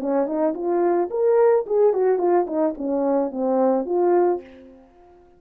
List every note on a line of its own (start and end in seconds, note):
0.00 0.26 C#4
0.26 0.54 D#4
0.54 1.09 F4
1.10 1.65 A#4
1.66 1.93 G#4
1.93 2.18 F#4
2.18 2.46 F4
2.46 2.74 D#4
2.77 3.31 C#4
3.31 3.85 C4
3.85 4.40 F4